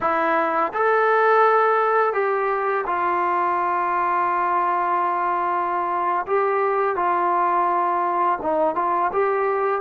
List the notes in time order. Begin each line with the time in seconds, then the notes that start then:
0.01 E4
0.73 A4
2.13 G4
2.86 F4
6.26 G4
6.96 F4
8.42 D#4
8.75 F4
9.12 G4